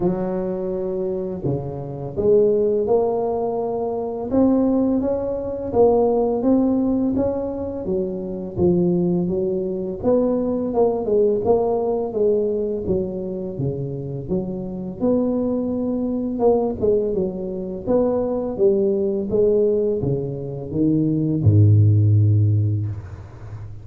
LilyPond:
\new Staff \with { instrumentName = "tuba" } { \time 4/4 \tempo 4 = 84 fis2 cis4 gis4 | ais2 c'4 cis'4 | ais4 c'4 cis'4 fis4 | f4 fis4 b4 ais8 gis8 |
ais4 gis4 fis4 cis4 | fis4 b2 ais8 gis8 | fis4 b4 g4 gis4 | cis4 dis4 gis,2 | }